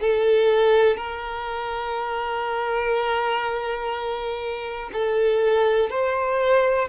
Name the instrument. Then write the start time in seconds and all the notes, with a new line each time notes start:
violin
0.00 A4
0.97 A#4
4.92 A4
5.90 C5